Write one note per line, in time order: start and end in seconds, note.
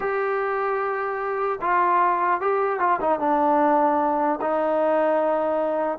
0.00 1.59 G4
1.61 2.40 F4
2.40 2.79 G4
2.79 2.99 F4
3.00 3.19 D#4
3.19 4.39 D4
4.41 5.98 D#4